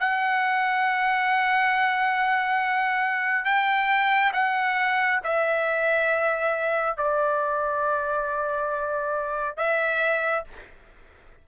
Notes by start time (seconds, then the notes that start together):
0.00 F#5
3.45 G5
4.34 F#5
5.24 E5
6.97 D5
9.57 E5